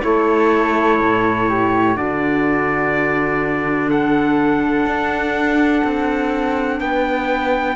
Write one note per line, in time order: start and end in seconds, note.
0.00 1.00 A3
0.00 1.94 E4
0.00 1.49 A4
0.00 1.96 C#5
1.00 1.97 A2
1.49 1.95 G4
1.94 4.85 D3
1.94 7.75 D4
1.94 3.89 F#4
1.94 3.90 D5
3.89 6.80 A4
3.89 6.80 F#5
4.85 5.82 D4
5.84 6.80 C4
6.80 7.76 B3
6.80 7.76 B4
6.80 7.76 G5